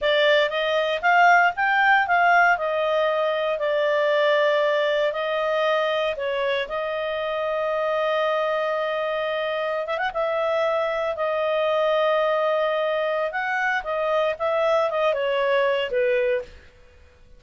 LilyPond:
\new Staff \with { instrumentName = "clarinet" } { \time 4/4 \tempo 4 = 117 d''4 dis''4 f''4 g''4 | f''4 dis''2 d''4~ | d''2 dis''2 | cis''4 dis''2.~ |
dis''2.~ dis''16 e''16 fis''16 e''16~ | e''4.~ e''16 dis''2~ dis''16~ | dis''2 fis''4 dis''4 | e''4 dis''8 cis''4. b'4 | }